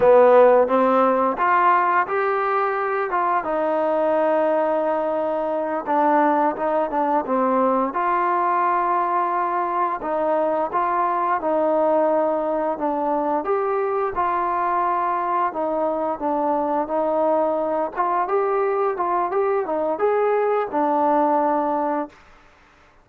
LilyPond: \new Staff \with { instrumentName = "trombone" } { \time 4/4 \tempo 4 = 87 b4 c'4 f'4 g'4~ | g'8 f'8 dis'2.~ | dis'8 d'4 dis'8 d'8 c'4 f'8~ | f'2~ f'8 dis'4 f'8~ |
f'8 dis'2 d'4 g'8~ | g'8 f'2 dis'4 d'8~ | d'8 dis'4. f'8 g'4 f'8 | g'8 dis'8 gis'4 d'2 | }